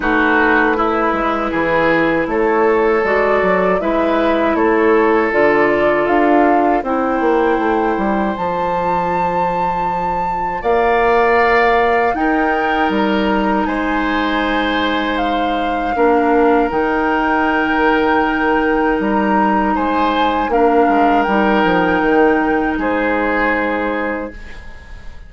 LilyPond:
<<
  \new Staff \with { instrumentName = "flute" } { \time 4/4 \tempo 4 = 79 b'2. cis''4 | d''4 e''4 cis''4 d''4 | f''4 g''2 a''4~ | a''2 f''2 |
g''4 ais''4 gis''2 | f''2 g''2~ | g''4 ais''4 gis''4 f''4 | g''2 c''2 | }
  \new Staff \with { instrumentName = "oboe" } { \time 4/4 fis'4 e'4 gis'4 a'4~ | a'4 b'4 a'2~ | a'4 c''2.~ | c''2 d''2 |
ais'2 c''2~ | c''4 ais'2.~ | ais'2 c''4 ais'4~ | ais'2 gis'2 | }
  \new Staff \with { instrumentName = "clarinet" } { \time 4/4 dis'4 e'2. | fis'4 e'2 f'4~ | f'4 e'2 f'4~ | f'1 |
dis'1~ | dis'4 d'4 dis'2~ | dis'2. d'4 | dis'1 | }
  \new Staff \with { instrumentName = "bassoon" } { \time 4/4 a4. gis8 e4 a4 | gis8 fis8 gis4 a4 d4 | d'4 c'8 ais8 a8 g8 f4~ | f2 ais2 |
dis'4 g4 gis2~ | gis4 ais4 dis2~ | dis4 g4 gis4 ais8 gis8 | g8 f8 dis4 gis2 | }
>>